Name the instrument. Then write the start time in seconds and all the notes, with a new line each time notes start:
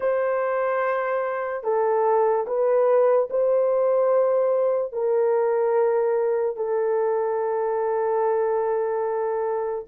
horn
0.00 C5
1.63 A4
2.46 B4
3.30 C5
4.92 A#4
6.56 A4